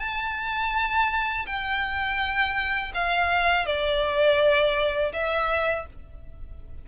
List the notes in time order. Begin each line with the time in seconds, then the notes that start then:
0.00 A5
1.47 G5
2.95 F5
3.66 D5
5.14 E5